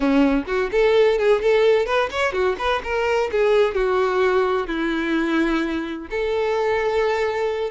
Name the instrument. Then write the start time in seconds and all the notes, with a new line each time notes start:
violin
0.00 C#4
0.46 F#4
0.71 A4
1.18 G#4
1.41 A4
1.86 B4
2.11 C#5
2.32 F#4
2.58 B4
2.83 A#4
3.31 G#4
3.74 F#4
4.67 E4
6.10 A4